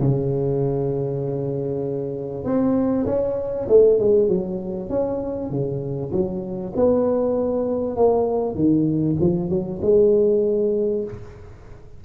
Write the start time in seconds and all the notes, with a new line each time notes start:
0.00 C#3
2.44 C4
3.06 C#4
3.69 A3
3.99 G#3
4.28 F#3
4.89 C#4
5.50 C#3
6.12 F#3
6.76 B3
7.96 A#3
8.55 D#3
9.20 F3
9.50 F#3
9.82 G#3